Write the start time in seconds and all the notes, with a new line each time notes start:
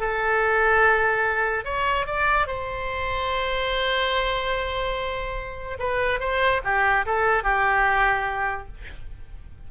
0.00 A4
1.65 C#5
2.06 D5
2.47 C5
5.79 B4
6.20 C5
6.64 G4
7.06 A4
7.44 G4